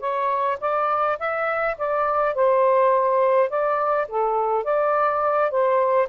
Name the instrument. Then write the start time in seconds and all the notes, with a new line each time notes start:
saxophone
0.00 C#5
0.60 D5
1.19 E5
1.78 D5
2.35 C5
3.49 D5
4.08 A4
4.64 D5
5.51 C5